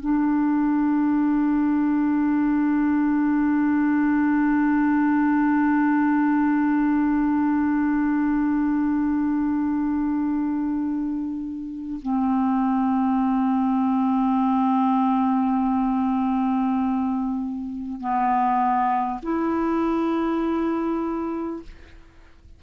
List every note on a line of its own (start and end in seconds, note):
0.00 12.00 D4
12.02 18.00 C4
18.00 19.20 B3
19.22 21.62 E4